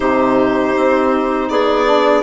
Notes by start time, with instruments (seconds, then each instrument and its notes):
0.00 bassoon C3, saxophone D#4, clarinet G4, violin C5
0.76 bassoon C4
1.49 bassoon B3, clarinet G#4, violin D5
1.85 saxophone D4